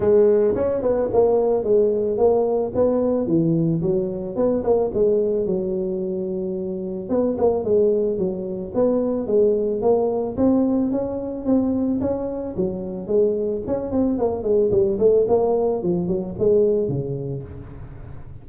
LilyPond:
\new Staff \with { instrumentName = "tuba" } { \time 4/4 \tempo 4 = 110 gis4 cis'8 b8 ais4 gis4 | ais4 b4 e4 fis4 | b8 ais8 gis4 fis2~ | fis4 b8 ais8 gis4 fis4 |
b4 gis4 ais4 c'4 | cis'4 c'4 cis'4 fis4 | gis4 cis'8 c'8 ais8 gis8 g8 a8 | ais4 f8 fis8 gis4 cis4 | }